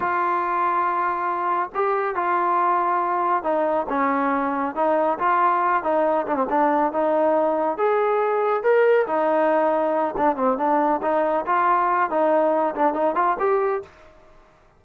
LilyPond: \new Staff \with { instrumentName = "trombone" } { \time 4/4 \tempo 4 = 139 f'1 | g'4 f'2. | dis'4 cis'2 dis'4 | f'4. dis'4 d'16 c'16 d'4 |
dis'2 gis'2 | ais'4 dis'2~ dis'8 d'8 | c'8 d'4 dis'4 f'4. | dis'4. d'8 dis'8 f'8 g'4 | }